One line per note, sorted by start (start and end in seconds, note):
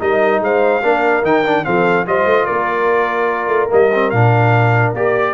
0.00 0.40 G3
0.00 0.82 D#4
0.00 0.43 A#4
0.00 0.43 D#5
0.40 0.82 G#3
0.40 0.83 C5
0.40 1.25 F5
0.83 1.23 A#3
0.83 1.24 D4
0.83 1.65 A#4
1.23 1.64 D#3
1.23 1.44 D#4
1.23 1.65 G5
1.45 1.65 D4
1.65 2.07 F3
1.65 2.06 C4
1.65 2.07 A4
1.65 2.06 F5
2.07 2.26 G3
2.07 3.70 F4
2.07 2.46 C5
2.07 2.46 D#5
2.26 2.46 A3
2.46 3.48 A#3
2.46 5.34 A#4
2.46 3.70 D5
3.48 3.68 A3
3.70 4.12 G3
3.70 3.90 A#3
3.70 4.11 D#5
3.94 4.14 C4
4.11 4.94 A#2
4.11 4.96 D4
4.11 4.93 F5
4.94 5.35 A#3
4.94 5.35 G4
4.94 5.35 D5